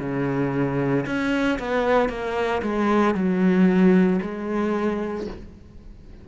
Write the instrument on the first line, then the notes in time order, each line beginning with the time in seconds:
cello
0.00 C#3
1.06 C#4
1.59 B3
2.09 A#3
2.62 G#3
3.15 F#3
4.22 G#3